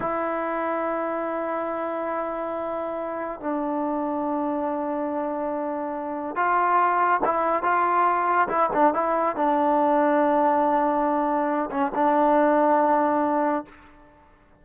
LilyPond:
\new Staff \with { instrumentName = "trombone" } { \time 4/4 \tempo 4 = 141 e'1~ | e'1 | d'1~ | d'2. f'4~ |
f'4 e'4 f'2 | e'8 d'8 e'4 d'2~ | d'2.~ d'8 cis'8 | d'1 | }